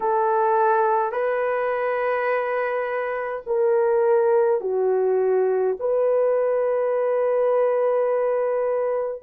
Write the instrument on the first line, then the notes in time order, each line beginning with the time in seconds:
horn
0.00 A4
1.12 B4
3.46 A#4
4.60 F#4
5.79 B4